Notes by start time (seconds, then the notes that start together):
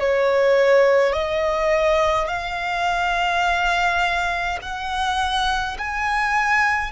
0.00 C#5
1.13 D#5
2.28 F5
4.62 F#5
5.78 G#5